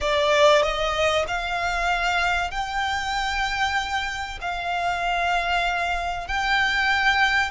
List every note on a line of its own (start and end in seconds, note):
0.00 0.62 D5
0.62 1.25 D#5
1.27 2.51 F5
2.51 4.38 G5
4.41 6.27 F5
6.27 7.50 G5